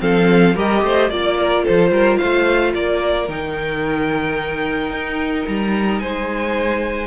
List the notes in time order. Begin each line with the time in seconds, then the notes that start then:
0.00 F3 C4 A4 F5
0.55 G3 G4 A#4 D#5
0.82 A3 C5
1.10 A#3 F4 D5
1.37 A#4
1.64 F3 A4 C5
1.91 G3 A#4
2.18 A3 C5 F5
2.74 A#3 A#4 D5
3.28 D#3 D#4 G5
4.90 D#4
5.48 G3 A#5
5.99 G#3 C5 G#5